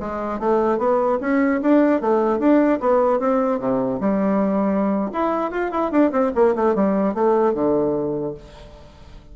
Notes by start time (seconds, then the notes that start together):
0.00 G#3
0.40 A3
0.79 B3
1.21 C#4
1.62 D4
2.02 A3
2.39 D4
2.81 B3
3.20 C4
3.60 C3
4.00 G3
5.13 E4
5.51 F4
5.71 E4
5.92 D4
6.12 C4
6.35 A#3
6.56 A3
6.75 G3
7.14 A3
7.54 D3